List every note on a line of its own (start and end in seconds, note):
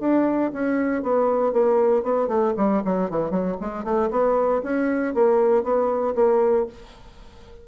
0.00 0.51 D4
0.53 1.03 C#4
1.03 1.52 B3
1.52 2.03 A#3
2.03 2.28 B3
2.28 2.54 A3
2.57 2.83 G3
2.85 3.10 F#3
3.10 3.31 E3
3.31 3.56 F#3
3.61 3.84 G#3
3.84 4.10 A3
4.11 4.62 B3
4.63 5.14 C#4
5.14 5.63 A#3
5.63 6.14 B3
6.15 6.66 A#3